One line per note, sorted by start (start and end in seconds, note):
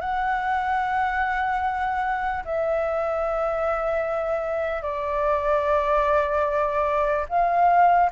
0.00 2.43 F#5
2.45 4.82 E5
4.82 7.26 D5
7.29 8.10 F5